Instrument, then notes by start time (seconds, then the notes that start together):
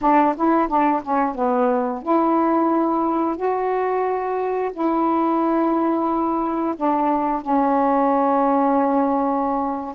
saxophone
0.01 D4
0.36 E4
0.68 D4
1.02 C#4
1.35 B3
2.02 E4
3.36 F#4
4.72 E4
6.76 D4
7.41 C#4